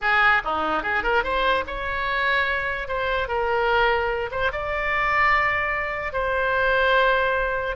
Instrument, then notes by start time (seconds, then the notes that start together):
oboe
0.01 G#4
0.44 D#4
0.82 G#4
1.03 A#4
1.23 C5
1.66 C#5
2.88 C5
3.28 A#4
4.31 C5
4.52 D5
6.12 C5